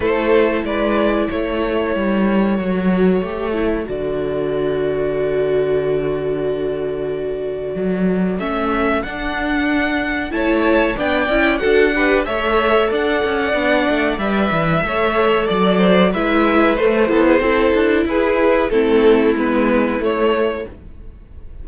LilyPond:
<<
  \new Staff \with { instrumentName = "violin" } { \time 4/4 \tempo 4 = 93 c''4 d''4 cis''2~ | cis''2 d''2~ | d''1~ | d''4 e''4 fis''2 |
a''4 g''4 fis''4 e''4 | fis''2 e''2 | d''4 e''4 c''2 | b'4 a'4 b'4 cis''4 | }
  \new Staff \with { instrumentName = "violin" } { \time 4/4 a'4 b'4 a'2~ | a'1~ | a'1~ | a'1 |
cis''4 d''4 a'8 b'8 cis''4 | d''2. cis''4 | d''8 c''8 b'4. a'16 gis'16 a'4 | gis'4 e'2. | }
  \new Staff \with { instrumentName = "viola" } { \time 4/4 e'1 | fis'4 g'8 e'8 fis'2~ | fis'1~ | fis'4 cis'4 d'2 |
e'4 d'8 e'8 fis'8 g'8 a'4~ | a'4 d'4 b'4 a'4~ | a'4 e'4 a8 e8 e'4~ | e'4 c'4 b4 a4 | }
  \new Staff \with { instrumentName = "cello" } { \time 4/4 a4 gis4 a4 g4 | fis4 a4 d2~ | d1 | fis4 a4 d'2 |
a4 b8 cis'8 d'4 a4 | d'8 cis'8 b8 a8 g8 e8 a4 | fis4 gis4 a8 b8 c'8 d'8 | e'4 a4 gis4 a4 | }
>>